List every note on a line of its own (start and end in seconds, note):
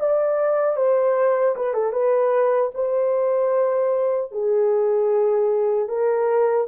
0.00 0.76 D5
0.76 1.55 C5
1.56 1.74 B4
1.74 1.92 A4
1.92 2.71 B4
2.75 4.32 C5
4.32 5.89 G#4
5.89 6.67 A#4